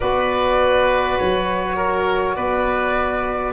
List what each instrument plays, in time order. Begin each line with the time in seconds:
0.00 tuba B3, saxophone F#4, oboe B4, flute D5
1.18 tuba F#3, flute C#5
1.76 oboe A#4
2.35 tuba B3, oboe B4, flute D5